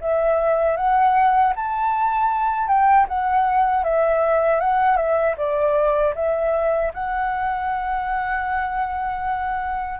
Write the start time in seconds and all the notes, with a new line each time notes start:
0.00 E5
0.76 F#5
1.56 A5
2.67 G5
3.08 F#5
3.84 E5
4.60 F#5
4.96 E5
5.37 D5
6.15 E5
6.93 F#5